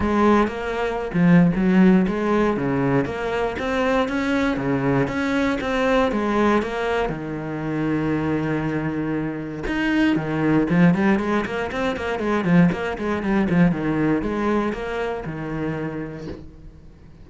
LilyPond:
\new Staff \with { instrumentName = "cello" } { \time 4/4 \tempo 4 = 118 gis4 ais4~ ais16 f8. fis4 | gis4 cis4 ais4 c'4 | cis'4 cis4 cis'4 c'4 | gis4 ais4 dis2~ |
dis2. dis'4 | dis4 f8 g8 gis8 ais8 c'8 ais8 | gis8 f8 ais8 gis8 g8 f8 dis4 | gis4 ais4 dis2 | }